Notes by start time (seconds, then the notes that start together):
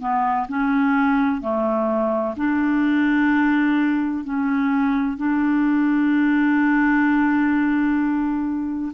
0.00 B3
0.49 C#4
1.41 A3
2.37 D4
4.24 C#4
5.17 D4